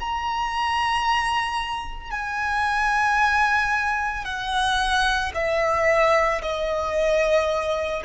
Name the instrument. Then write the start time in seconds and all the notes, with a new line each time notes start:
violin
0.00 A#5
2.11 G#5
4.25 F#5
5.35 E5
6.42 D#5